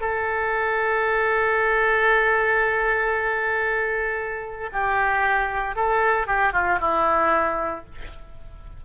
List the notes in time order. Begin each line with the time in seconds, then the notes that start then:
0.00 A4
4.72 G4
5.75 A4
6.27 G4
6.52 F4
6.80 E4